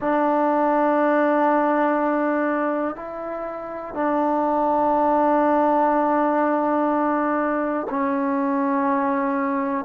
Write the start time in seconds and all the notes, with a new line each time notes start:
0.00 D4
2.95 E4
3.93 D4
7.90 C#4